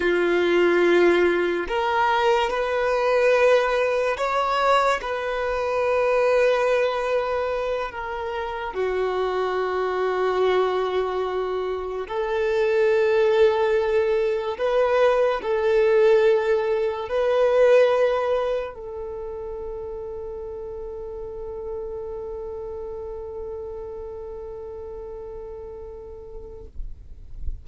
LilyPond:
\new Staff \with { instrumentName = "violin" } { \time 4/4 \tempo 4 = 72 f'2 ais'4 b'4~ | b'4 cis''4 b'2~ | b'4. ais'4 fis'4.~ | fis'2~ fis'8 a'4.~ |
a'4. b'4 a'4.~ | a'8 b'2 a'4.~ | a'1~ | a'1 | }